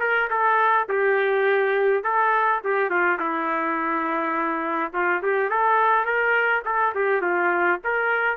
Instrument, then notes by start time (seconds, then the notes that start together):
trumpet
0.00 A#4
0.30 A4
0.89 G4
2.03 A4
2.64 G4
2.90 F4
3.19 E4
4.93 F4
5.22 G4
5.50 A4
6.05 A#4
6.65 A4
6.95 G4
7.22 F4
7.84 A#4